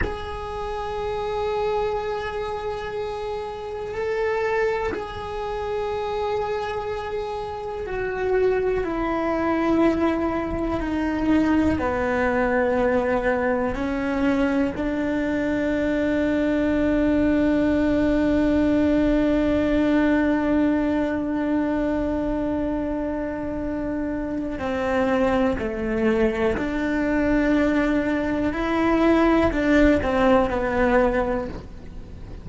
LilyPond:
\new Staff \with { instrumentName = "cello" } { \time 4/4 \tempo 4 = 61 gis'1 | a'4 gis'2. | fis'4 e'2 dis'4 | b2 cis'4 d'4~ |
d'1~ | d'1~ | d'4 c'4 a4 d'4~ | d'4 e'4 d'8 c'8 b4 | }